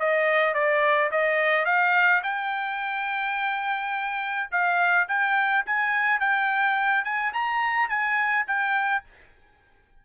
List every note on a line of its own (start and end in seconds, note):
0.00 0.54 D#5
0.54 1.11 D5
1.11 1.66 D#5
1.66 2.22 F5
2.24 4.50 G5
4.52 5.08 F5
5.09 5.66 G5
5.67 6.20 G#5
6.20 7.05 G5
7.05 7.33 G#5
7.34 7.90 A#5
7.90 8.46 G#5
8.48 9.04 G5